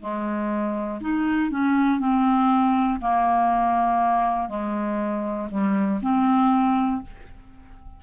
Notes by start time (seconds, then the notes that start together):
0.00 G#3
1.01 D#4
1.50 C#4
2.00 C4
3.01 A#3
4.49 G#3
5.50 G3
6.02 C4